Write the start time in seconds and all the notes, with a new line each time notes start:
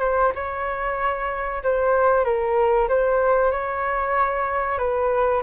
0.00 C5
0.35 C#5
1.63 C5
2.24 A#4
2.88 C5
3.51 C#5
4.78 B4